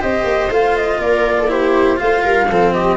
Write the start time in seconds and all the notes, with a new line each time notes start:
0.00 C4 G4 C5 D#5
0.24 A#3
0.49 A3 F4 F5
0.77 D#5
0.99 A#3 A#4 D5
1.40 A4
1.48 E4 G4 C5
1.97 A3 F4 C5 F5
2.23 G3 A#4
2.50 F3 C4 A4
2.73 G4 D#5